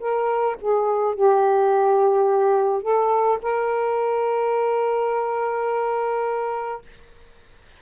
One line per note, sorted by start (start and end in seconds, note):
0.00 0.57 A#4
0.61 1.15 G#4
1.15 2.83 G4
2.83 3.39 A4
3.42 6.82 A#4